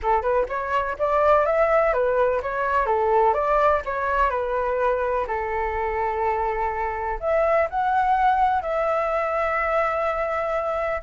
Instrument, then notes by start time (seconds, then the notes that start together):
flute
0.02 A4
0.22 B4
0.48 C#5
0.98 D5
1.45 E5
1.93 B4
2.42 C#5
2.85 A4
3.33 D5
3.85 C#5
4.30 B4
5.27 A4
7.20 E5
7.70 F#5
8.62 E5